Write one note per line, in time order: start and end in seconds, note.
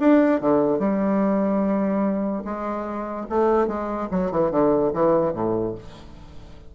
0.00 0.41 D4
0.41 0.79 D3
0.79 2.43 G3
2.45 3.27 G#3
3.30 3.67 A3
3.67 4.09 G#3
4.11 4.31 F#3
4.31 4.51 E3
4.51 4.92 D3
4.94 5.34 E3
5.34 5.75 A2